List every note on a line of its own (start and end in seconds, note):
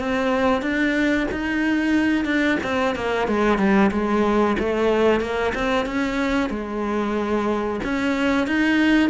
0.00 0.62 C4
0.62 1.27 D4
1.32 2.25 D#4
2.25 2.58 D4
2.64 2.96 C4
2.96 3.28 A#3
3.28 3.58 G#3
3.58 3.91 G3
3.92 4.57 G#3
4.59 5.21 A3
5.21 5.53 A#3
5.55 5.86 C4
5.86 6.50 C#4
6.50 7.81 G#3
7.84 8.48 C#4
8.48 9.10 D#4